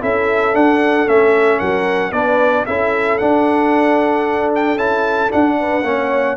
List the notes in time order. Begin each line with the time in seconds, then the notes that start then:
0.00 C#4 E4 A4 E5
0.52 D4 F#5
1.06 A3 C#4 E5
1.58 F#3 A#4 F#5
2.11 B3 D4 B4 D5
2.65 C#4 E4 A4 E5
3.18 D4 F#5
4.55 G5
4.76 C#4 E4 A5
5.29 D4 F#5
5.59 B4
5.82 A#3 C#4 C#5